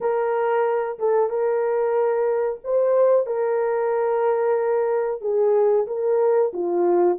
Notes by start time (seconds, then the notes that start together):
0.00 A#4
0.98 A4
1.29 A#4
2.64 C5
3.26 A#4
5.21 G#4
5.87 A#4
6.53 F4